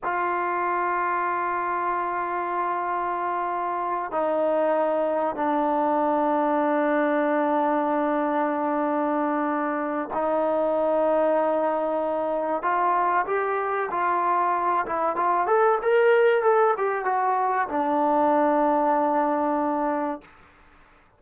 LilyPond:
\new Staff \with { instrumentName = "trombone" } { \time 4/4 \tempo 4 = 95 f'1~ | f'2~ f'8 dis'4.~ | dis'8 d'2.~ d'8~ | d'1 |
dis'1 | f'4 g'4 f'4. e'8 | f'8 a'8 ais'4 a'8 g'8 fis'4 | d'1 | }